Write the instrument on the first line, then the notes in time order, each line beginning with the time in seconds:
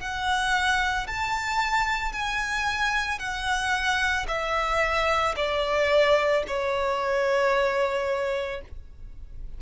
violin
0.00 F#5
1.07 A5
2.13 G#5
3.19 F#5
4.28 E5
5.37 D5
6.47 C#5